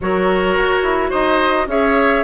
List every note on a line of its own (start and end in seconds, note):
0.01 0.57 F#3
0.01 1.69 F#4
0.01 1.09 A#4
0.01 1.11 C#5
0.57 0.82 F#4
0.82 1.10 E4
1.09 1.67 D#4
1.09 1.66 C5
1.09 1.67 D#5
1.67 2.23 C#4
1.67 2.24 G#4
1.67 2.24 C#5
1.67 2.24 E5